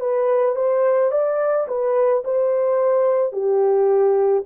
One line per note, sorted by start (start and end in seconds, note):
0.00 0.56 B4
0.56 1.12 C5
1.12 1.67 D5
1.68 2.24 B4
2.24 3.33 C5
3.33 4.44 G4